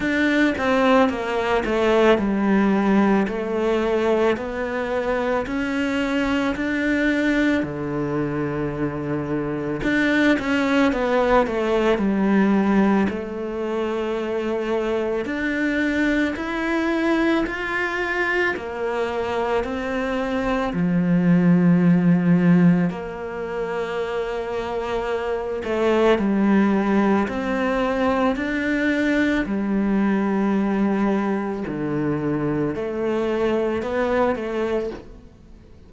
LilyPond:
\new Staff \with { instrumentName = "cello" } { \time 4/4 \tempo 4 = 55 d'8 c'8 ais8 a8 g4 a4 | b4 cis'4 d'4 d4~ | d4 d'8 cis'8 b8 a8 g4 | a2 d'4 e'4 |
f'4 ais4 c'4 f4~ | f4 ais2~ ais8 a8 | g4 c'4 d'4 g4~ | g4 d4 a4 b8 a8 | }